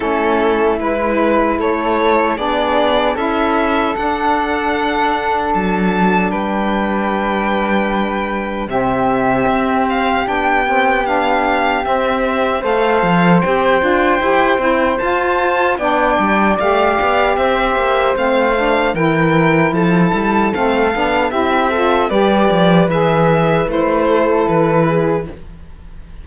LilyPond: <<
  \new Staff \with { instrumentName = "violin" } { \time 4/4 \tempo 4 = 76 a'4 b'4 cis''4 d''4 | e''4 fis''2 a''4 | g''2. e''4~ | e''8 f''8 g''4 f''4 e''4 |
f''4 g''2 a''4 | g''4 f''4 e''4 f''4 | g''4 a''4 f''4 e''4 | d''4 e''4 c''4 b'4 | }
  \new Staff \with { instrumentName = "flute" } { \time 4/4 e'2 a'4 gis'4 | a'1 | b'2. g'4~ | g'1 |
c''1 | d''2 c''2 | ais'4 a'2 g'8 a'8 | b'2~ b'8 a'4 gis'8 | }
  \new Staff \with { instrumentName = "saxophone" } { \time 4/4 cis'4 e'2 d'4 | e'4 d'2.~ | d'2. c'4~ | c'4 d'8 c'8 d'4 c'4 |
a'4 g'8 f'8 g'8 e'8 f'4 | d'4 g'2 c'8 d'8 | e'2 c'8 d'8 e'8 f'8 | g'4 gis'4 e'2 | }
  \new Staff \with { instrumentName = "cello" } { \time 4/4 a4 gis4 a4 b4 | cis'4 d'2 fis4 | g2. c4 | c'4 b2 c'4 |
a8 f8 c'8 d'8 e'8 c'8 f'4 | b8 g8 a8 b8 c'8 ais8 a4 | e4 f8 g8 a8 b8 c'4 | g8 f8 e4 a4 e4 | }
>>